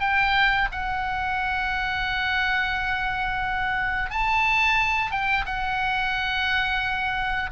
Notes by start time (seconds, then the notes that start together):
0.00 G5
0.72 F#5
4.10 A5
5.11 G5
5.45 F#5